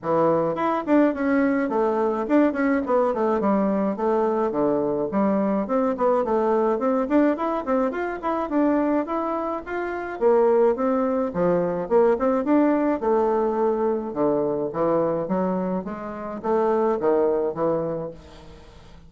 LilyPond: \new Staff \with { instrumentName = "bassoon" } { \time 4/4 \tempo 4 = 106 e4 e'8 d'8 cis'4 a4 | d'8 cis'8 b8 a8 g4 a4 | d4 g4 c'8 b8 a4 | c'8 d'8 e'8 c'8 f'8 e'8 d'4 |
e'4 f'4 ais4 c'4 | f4 ais8 c'8 d'4 a4~ | a4 d4 e4 fis4 | gis4 a4 dis4 e4 | }